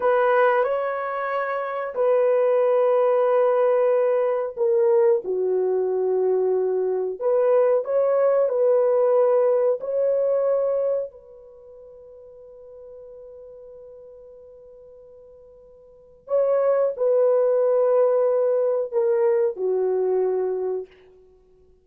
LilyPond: \new Staff \with { instrumentName = "horn" } { \time 4/4 \tempo 4 = 92 b'4 cis''2 b'4~ | b'2. ais'4 | fis'2. b'4 | cis''4 b'2 cis''4~ |
cis''4 b'2.~ | b'1~ | b'4 cis''4 b'2~ | b'4 ais'4 fis'2 | }